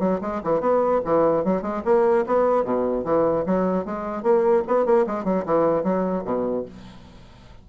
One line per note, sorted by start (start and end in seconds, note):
0.00 0.20 F#3
0.21 0.42 G#3
0.44 0.61 E3
0.61 1.01 B3
1.05 1.45 E3
1.45 1.62 F#3
1.62 1.82 G#3
1.85 2.25 A#3
2.26 2.65 B3
2.65 3.05 B2
3.05 3.45 E3
3.46 3.85 F#3
3.85 4.23 G#3
4.23 4.63 A#3
4.68 4.86 B3
4.86 5.06 A#3
5.07 5.24 G#3
5.24 5.45 F#3
5.46 5.84 E3
5.84 6.24 F#3
6.25 6.65 B2